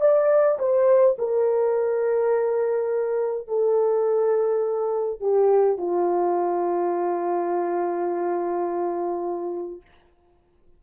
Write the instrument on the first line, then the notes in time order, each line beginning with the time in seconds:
horn
0.00 D5
0.59 C5
1.18 A#4
3.47 A4
5.20 G4
5.77 F4